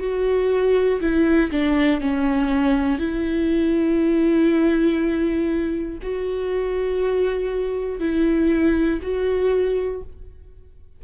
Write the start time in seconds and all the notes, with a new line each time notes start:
0.00 F#4
1.00 E4
1.51 D4
2.00 C#4
2.99 E4
6.02 F#4
8.00 E4
9.02 F#4